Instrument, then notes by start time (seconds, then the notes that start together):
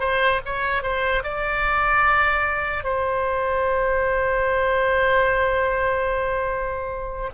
oboe
0.00 C5
0.45 C#5
0.83 C5
1.23 D5
2.84 C5